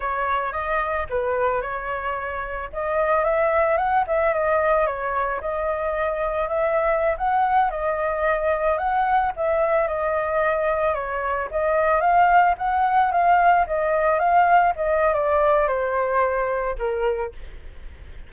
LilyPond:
\new Staff \with { instrumentName = "flute" } { \time 4/4 \tempo 4 = 111 cis''4 dis''4 b'4 cis''4~ | cis''4 dis''4 e''4 fis''8 e''8 | dis''4 cis''4 dis''2 | e''4~ e''16 fis''4 dis''4.~ dis''16~ |
dis''16 fis''4 e''4 dis''4.~ dis''16~ | dis''16 cis''4 dis''4 f''4 fis''8.~ | fis''16 f''4 dis''4 f''4 dis''8. | d''4 c''2 ais'4 | }